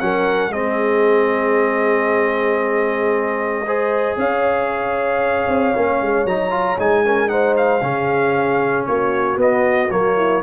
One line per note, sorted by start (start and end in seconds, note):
0.00 0.49 F#3
0.00 0.52 C#4
0.00 0.53 A#4
0.00 0.52 F#5
0.49 4.14 G#3
0.49 3.66 C4
0.49 3.66 G#4
0.49 4.18 D#5
3.66 5.75 G#4
3.66 4.18 C5
4.17 5.47 C#4
4.17 7.05 C#5
4.17 6.27 F5
5.48 5.74 C4
5.75 6.02 A#3
5.75 6.27 C#4
6.02 6.25 G#3
6.25 6.77 F#3
6.25 6.50 D#4
6.25 6.79 A#5
6.50 6.77 F4
6.78 7.82 G#3
6.78 7.05 D#4
6.78 7.29 G#5
7.05 7.28 C#4
7.05 7.31 A#4
7.28 7.80 D#4
7.28 7.83 C5
7.28 7.55 F#5
7.57 8.86 F5
7.82 8.86 C#3
7.82 9.37 C#4
7.82 8.87 G#4
8.86 9.37 A#3
8.86 10.16 F#4
8.86 9.38 C#5
9.37 9.89 B3
9.37 9.91 D#5
9.91 10.43 F#3
9.91 10.43 A#3
9.91 10.43 C#5
10.16 10.42 E4